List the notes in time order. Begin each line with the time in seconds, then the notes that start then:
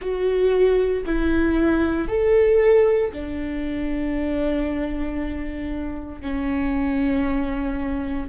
0.00 F#4
1.05 E4
2.08 A4
3.12 D4
6.21 C#4